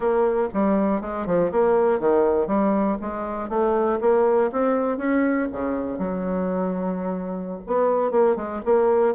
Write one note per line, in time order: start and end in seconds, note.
0.00 0.48 A#3
0.53 1.01 G3
1.01 1.26 G#3
1.26 1.51 F3
1.51 1.99 A#3
1.99 2.47 D#3
2.47 2.97 G3
3.01 3.49 G#3
3.49 3.99 A3
4.00 4.50 A#3
4.52 4.97 C4
4.97 5.47 C#4
5.52 5.98 C#3
5.98 7.60 F#3
7.66 8.11 B3
8.11 8.36 A#3
8.36 8.61 G#3
8.65 9.15 A#3